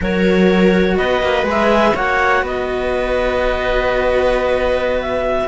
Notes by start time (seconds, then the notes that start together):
0.00 F#3 F#4 A#4 C#5
0.97 B3 B4 D#5
1.22 A#3
1.43 G#3 G#4
1.50 E5
1.94 A#3 F#4 C#5 F#5
2.42 B3 B4 D#5
5.01 E5